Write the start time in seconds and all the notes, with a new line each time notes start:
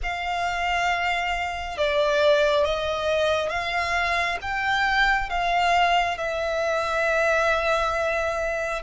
0.02 F5
1.77 D5
2.65 D#5
3.49 F5
4.41 G5
5.29 F5
6.17 E5